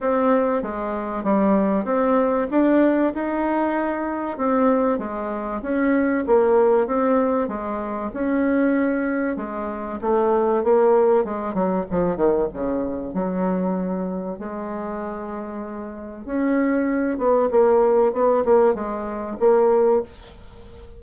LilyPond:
\new Staff \with { instrumentName = "bassoon" } { \time 4/4 \tempo 4 = 96 c'4 gis4 g4 c'4 | d'4 dis'2 c'4 | gis4 cis'4 ais4 c'4 | gis4 cis'2 gis4 |
a4 ais4 gis8 fis8 f8 dis8 | cis4 fis2 gis4~ | gis2 cis'4. b8 | ais4 b8 ais8 gis4 ais4 | }